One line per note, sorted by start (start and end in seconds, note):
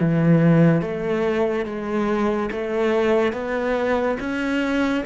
0.00 0.81 E3
0.81 1.66 A3
1.66 2.50 G#3
2.52 3.33 A3
3.33 4.18 B3
4.20 5.04 C#4